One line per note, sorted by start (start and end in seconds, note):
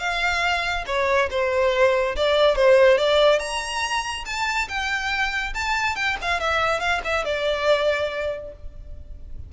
0.00 0.85 F5
0.87 1.29 C#5
1.31 2.16 C5
2.16 2.56 D5
2.56 2.98 C5
2.98 3.39 D5
3.39 4.24 A#5
4.26 4.68 A5
4.68 5.54 G5
5.54 5.96 A5
5.96 6.17 G5
6.22 6.40 F5
6.40 6.80 E5
6.80 7.01 F5
7.04 7.25 E5
7.25 8.53 D5